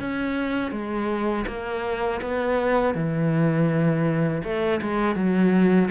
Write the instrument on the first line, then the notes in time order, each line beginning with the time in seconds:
cello
0.00 C#4
0.71 G#3
1.47 A#3
2.21 B3
2.94 E3
4.43 A3
4.81 G#3
5.15 F#3